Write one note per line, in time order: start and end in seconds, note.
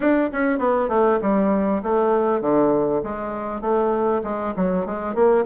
0.00 0.30 D4
0.32 0.58 C#4
0.58 0.88 B3
0.88 1.19 A3
1.21 1.82 G3
1.83 2.41 A3
2.41 3.01 D3
3.03 3.61 G#3
3.61 4.21 A3
4.23 4.54 G#3
4.56 4.85 F#3
4.85 5.14 G#3
5.14 5.45 A#3